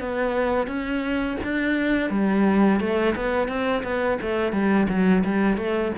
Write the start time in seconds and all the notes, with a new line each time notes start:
0.00 B3
0.67 C#4
1.43 D4
2.10 G3
2.80 A3
3.16 B3
3.48 C4
3.83 B3
4.21 A3
4.52 G3
4.89 F#3
5.24 G3
5.57 A3